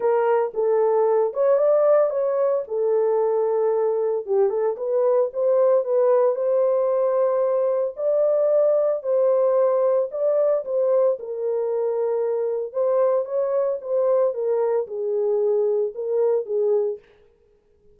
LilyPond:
\new Staff \with { instrumentName = "horn" } { \time 4/4 \tempo 4 = 113 ais'4 a'4. cis''8 d''4 | cis''4 a'2. | g'8 a'8 b'4 c''4 b'4 | c''2. d''4~ |
d''4 c''2 d''4 | c''4 ais'2. | c''4 cis''4 c''4 ais'4 | gis'2 ais'4 gis'4 | }